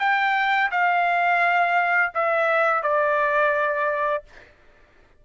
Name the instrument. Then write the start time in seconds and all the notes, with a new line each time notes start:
trumpet
0.00 G5
0.72 F5
2.15 E5
2.83 D5